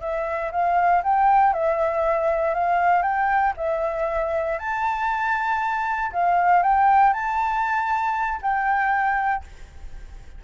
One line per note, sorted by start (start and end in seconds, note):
0.00 0.51 E5
0.51 1.02 F5
1.03 1.53 G5
1.53 2.54 E5
2.54 3.02 F5
3.02 3.53 G5
3.57 4.58 E5
4.59 6.11 A5
6.12 6.62 F5
6.62 7.13 G5
7.13 8.40 A5
8.42 9.43 G5